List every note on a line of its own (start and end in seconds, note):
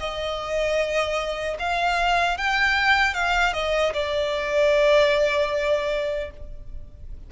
0.00 1.58 D#5
1.60 2.38 F5
2.38 3.14 G5
3.14 3.54 F5
3.54 3.93 D#5
3.94 6.31 D5